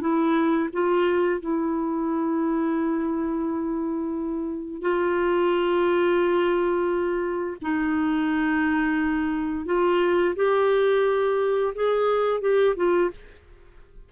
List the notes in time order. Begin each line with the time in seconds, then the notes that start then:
0.00 E4
0.72 F4
1.40 E4
4.81 F4
7.61 D#4
9.66 F4
10.35 G4
11.75 G#4
12.40 G4
12.76 F4